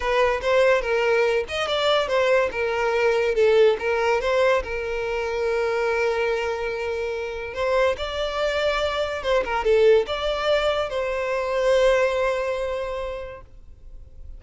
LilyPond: \new Staff \with { instrumentName = "violin" } { \time 4/4 \tempo 4 = 143 b'4 c''4 ais'4. dis''8 | d''4 c''4 ais'2 | a'4 ais'4 c''4 ais'4~ | ais'1~ |
ais'2 c''4 d''4~ | d''2 c''8 ais'8 a'4 | d''2 c''2~ | c''1 | }